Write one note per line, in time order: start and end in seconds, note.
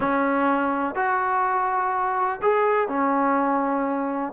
0.00 0.95 C#4
0.95 2.40 F#4
2.42 2.88 G#4
2.88 4.33 C#4